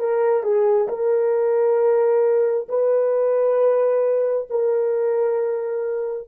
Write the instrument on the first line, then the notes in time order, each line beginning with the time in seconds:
horn
0.00 A#4
0.43 G#4
0.89 A#4
2.69 B4
4.50 A#4